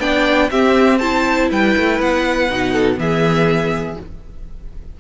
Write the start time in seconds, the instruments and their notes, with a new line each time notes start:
0.00 cello B3, viola D4, violin D5 G5
0.51 cello C4, viola C4, violin G4 E5
0.99 viola E4, violin C5 A5
1.50 cello G3, violin B4 G5
1.77 cello A3
2.00 cello B3, violin F#5
2.50 cello B2, viola D#4
2.72 violin A4
2.96 cello E3, viola B3, violin G#4 E5